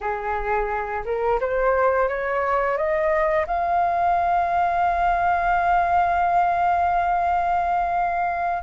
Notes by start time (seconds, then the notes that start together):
0.00 G#4
1.05 A#4
1.40 C5
2.08 C#5
2.77 D#5
3.46 F5